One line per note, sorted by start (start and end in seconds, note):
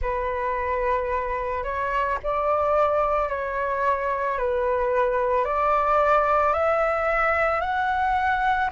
0.01 1.63 B4
1.63 2.18 C#5
2.23 3.28 D5
3.28 4.37 C#5
4.37 5.44 B4
5.44 6.53 D5
6.53 7.61 E5
7.61 8.70 F#5